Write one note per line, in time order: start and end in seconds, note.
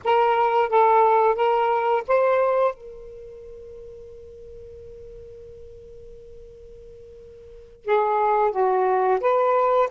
0.04 0.69 A#4
0.69 1.35 A4
1.35 2.03 A#4
2.07 2.74 C5
2.74 7.85 A#4
7.85 8.51 G#4
8.51 9.19 F#4
9.20 9.88 B4